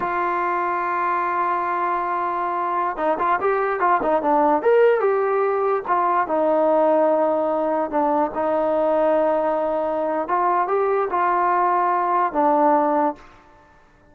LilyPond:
\new Staff \with { instrumentName = "trombone" } { \time 4/4 \tempo 4 = 146 f'1~ | f'2.~ f'16 dis'8 f'16~ | f'16 g'4 f'8 dis'8 d'4 ais'8.~ | ais'16 g'2 f'4 dis'8.~ |
dis'2.~ dis'16 d'8.~ | d'16 dis'2.~ dis'8.~ | dis'4 f'4 g'4 f'4~ | f'2 d'2 | }